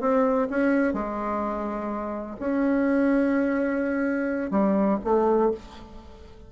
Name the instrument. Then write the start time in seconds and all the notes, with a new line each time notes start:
bassoon
0.00 C4
0.50 C#4
0.93 G#3
2.39 C#4
4.51 G3
5.04 A3